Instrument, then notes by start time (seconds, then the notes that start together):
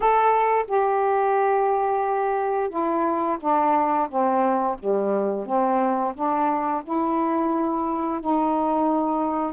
saxophone
0.00 A4
0.67 G4
2.69 E4
3.40 D4
4.09 C4
4.79 G3
5.45 C4
6.14 D4
6.84 E4
8.20 D#4